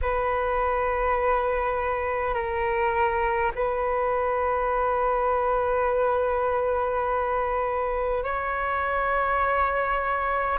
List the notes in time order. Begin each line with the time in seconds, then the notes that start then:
0.01 B4
2.34 A#4
3.55 B4
8.24 C#5